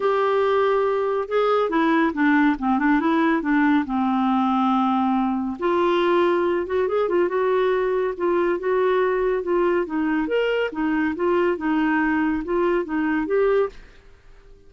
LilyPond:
\new Staff \with { instrumentName = "clarinet" } { \time 4/4 \tempo 4 = 140 g'2. gis'4 | e'4 d'4 c'8 d'8 e'4 | d'4 c'2.~ | c'4 f'2~ f'8 fis'8 |
gis'8 f'8 fis'2 f'4 | fis'2 f'4 dis'4 | ais'4 dis'4 f'4 dis'4~ | dis'4 f'4 dis'4 g'4 | }